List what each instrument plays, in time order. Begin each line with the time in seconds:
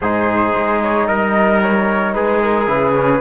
0.01 cello G#2, trombone D#4, trumpet G#4, flute C5
0.56 cello G#3
0.81 flute C#5
1.06 cello G3, trumpet A#4, flute D#5
1.62 flute C#5
2.13 cello G#3, trumpet G#4, flute B4
2.42 flute A#4
2.66 cello C#3, trombone E4, flute B4
2.95 trombone C#4